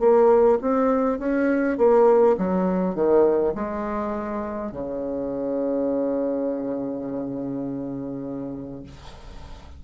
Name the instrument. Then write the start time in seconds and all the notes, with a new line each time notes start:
bassoon
0.00 A#3
0.61 C4
1.19 C#4
1.78 A#3
2.38 F#3
2.95 D#3
3.55 G#3
4.72 C#3